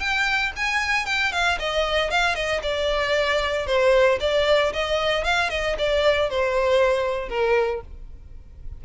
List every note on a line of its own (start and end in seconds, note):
0.00 0.52 G5
0.57 1.06 G#5
1.06 1.32 G5
1.32 1.58 F5
1.59 2.11 D#5
2.11 2.35 F5
2.35 2.61 D#5
2.63 3.67 D5
3.67 4.19 C5
4.21 4.73 D5
4.73 5.24 D#5
5.24 5.50 F5
5.50 5.76 D#5
5.78 6.30 D5
6.30 7.29 C5
7.29 7.81 A#4